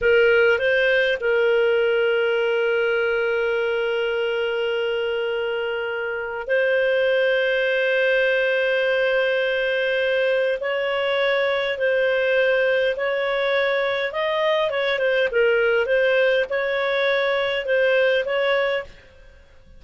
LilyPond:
\new Staff \with { instrumentName = "clarinet" } { \time 4/4 \tempo 4 = 102 ais'4 c''4 ais'2~ | ais'1~ | ais'2. c''4~ | c''1~ |
c''2 cis''2 | c''2 cis''2 | dis''4 cis''8 c''8 ais'4 c''4 | cis''2 c''4 cis''4 | }